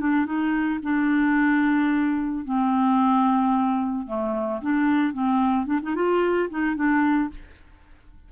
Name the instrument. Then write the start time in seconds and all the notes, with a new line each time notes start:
clarinet
0.00 D4
0.26 D#4
0.83 D4
2.45 C4
4.07 A3
4.61 D4
5.13 C4
5.66 D4
5.83 D#4
5.95 F4
6.50 D#4
6.76 D4